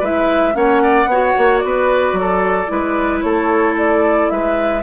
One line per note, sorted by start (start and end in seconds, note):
0.00 0.55 G#3
0.00 0.53 E4
0.00 0.54 B4
0.00 0.56 E5
0.53 1.06 A#3
0.53 1.06 C#4
0.53 0.83 C#5
0.53 1.59 F#5
0.83 1.09 D5
1.06 1.33 B3
1.06 2.67 F#4
1.06 1.65 C#5
1.38 1.64 A#3
1.59 2.13 B3
1.59 3.20 D5
1.66 2.19 B4
2.13 2.66 F#3
2.21 2.72 A4
2.67 3.24 G#3
2.67 4.81 E4
2.67 3.25 B4
3.21 4.31 A3
3.21 4.32 A4
3.21 3.75 C#5
3.78 4.30 D5
4.30 4.83 G#3
4.30 4.83 B4
4.30 4.83 E5